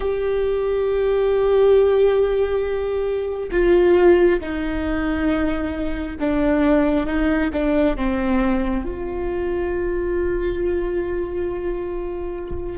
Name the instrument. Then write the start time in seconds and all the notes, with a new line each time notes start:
viola
0.00 G4
3.51 F4
4.40 D#4
6.20 D4
7.06 D#4
7.52 D4
7.96 C4
8.84 F4